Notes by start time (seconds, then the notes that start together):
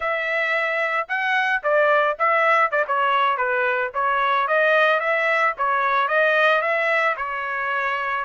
0.00 E5
1.08 F#5
1.63 D5
2.19 E5
2.71 D5
2.87 C#5
3.37 B4
3.93 C#5
4.47 D#5
5.00 E5
5.57 C#5
6.08 D#5
6.61 E5
7.16 C#5